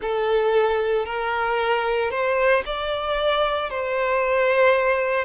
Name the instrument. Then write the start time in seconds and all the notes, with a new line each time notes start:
violin
0.01 A4
1.05 A#4
2.11 C5
2.65 D5
3.69 C5